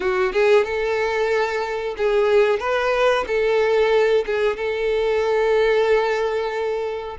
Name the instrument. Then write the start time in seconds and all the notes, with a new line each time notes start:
violin
0.00 F#4
0.33 G#4
0.64 A4
1.97 G#4
2.59 B4
3.27 A4
4.26 G#4
4.56 A4